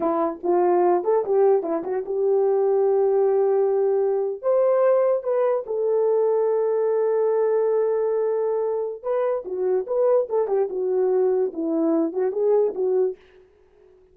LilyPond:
\new Staff \with { instrumentName = "horn" } { \time 4/4 \tempo 4 = 146 e'4 f'4. a'8 g'4 | e'8 fis'8 g'2.~ | g'2~ g'8. c''4~ c''16~ | c''8. b'4 a'2~ a'16~ |
a'1~ | a'2 b'4 fis'4 | b'4 a'8 g'8 fis'2 | e'4. fis'8 gis'4 fis'4 | }